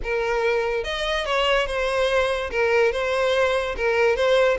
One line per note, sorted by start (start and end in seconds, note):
0.03 0.84 A#4
0.84 1.25 D#5
1.25 1.67 C#5
1.67 2.50 C5
2.50 2.92 A#4
2.92 3.75 C5
3.77 4.16 A#4
4.16 4.57 C5